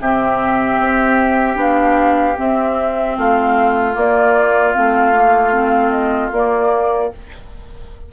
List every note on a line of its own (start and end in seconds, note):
0.00 0.79 C3
0.00 1.55 C4
0.00 3.17 G4
0.00 1.59 E5
0.79 1.56 C4
1.55 2.35 B3
1.55 2.34 D4
1.55 2.38 F5
2.37 3.93 C4
2.37 3.18 C4
2.37 3.18 E5
3.17 3.95 A3
3.17 7.12 F4
3.17 3.97 F5
3.93 4.72 A#3
3.93 4.74 A#3
3.93 4.72 D5
4.72 6.31 A3
4.72 5.13 C4
4.72 5.91 F5
5.13 5.52 A#3
5.52 6.31 C4
5.91 6.30 D#5
6.31 7.10 A#3
6.31 7.12 A#3
6.31 7.12 D5